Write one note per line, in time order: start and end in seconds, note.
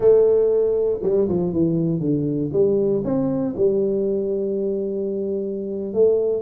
0.00 0.99 A3
1.02 1.28 G3
1.28 1.52 F3
1.52 2.00 E3
2.00 2.50 D3
2.53 3.03 G3
3.04 3.54 C4
3.56 5.93 G3
5.93 6.41 A3